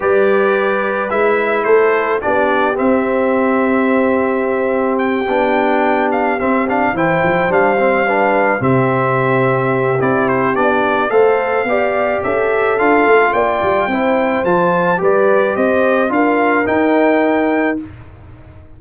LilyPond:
<<
  \new Staff \with { instrumentName = "trumpet" } { \time 4/4 \tempo 4 = 108 d''2 e''4 c''4 | d''4 e''2.~ | e''4 g''2 f''8 e''8 | f''8 g''4 f''2 e''8~ |
e''2 d''8 c''8 d''4 | f''2 e''4 f''4 | g''2 a''4 d''4 | dis''4 f''4 g''2 | }
  \new Staff \with { instrumentName = "horn" } { \time 4/4 b'2. a'4 | g'1~ | g'1~ | g'8 c''2 b'4 g'8~ |
g'1 | c''4 d''4 a'2 | d''4 c''2 b'4 | c''4 ais'2. | }
  \new Staff \with { instrumentName = "trombone" } { \time 4/4 g'2 e'2 | d'4 c'2.~ | c'4. d'2 c'8 | d'8 e'4 d'8 c'8 d'4 c'8~ |
c'2 e'4 d'4 | a'4 g'2 f'4~ | f'4 e'4 f'4 g'4~ | g'4 f'4 dis'2 | }
  \new Staff \with { instrumentName = "tuba" } { \time 4/4 g2 gis4 a4 | b4 c'2.~ | c'4. b2 c'8~ | c'8 e8 f8 g2 c8~ |
c2 c'4 b4 | a4 b4 cis'4 d'8 a8 | ais8 g8 c'4 f4 g4 | c'4 d'4 dis'2 | }
>>